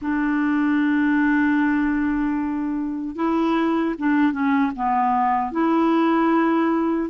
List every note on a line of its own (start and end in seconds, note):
0.01 3.15 D4
3.15 3.94 E4
3.98 4.32 D4
4.32 4.72 C#4
4.75 5.51 B3
5.51 7.09 E4